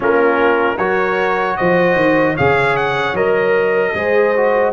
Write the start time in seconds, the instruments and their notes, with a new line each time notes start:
0.00 tuba A#3, trombone C#4, horn F4, trumpet A#4
0.76 tuba F#3, trombone F#4, horn A#4, trumpet C#5
1.57 tuba F3, horn C5, trumpet D#5
1.95 tuba D#3
2.33 tuba C#3, trombone G#4, horn C#5, trumpet F5
2.76 trumpet F#5
3.13 tuba F#3, trombone A#4, trumpet D#5
3.94 tuba G#3, trombone G#4, horn C5
4.36 trombone F#4